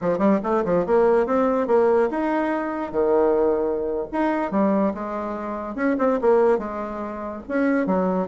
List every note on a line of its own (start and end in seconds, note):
0.01 0.18 F3
0.18 0.39 G3
0.43 0.64 A3
0.64 0.85 F3
0.86 1.26 A#3
1.26 1.67 C4
1.67 2.09 A#3
2.10 2.91 D#4
2.91 4.07 D#3
4.12 4.51 D#4
4.51 4.93 G3
4.94 5.75 G#3
5.75 5.96 C#4
5.98 6.19 C4
6.21 6.58 A#3
6.58 7.42 G#3
7.48 7.86 C#4
7.86 8.28 F#3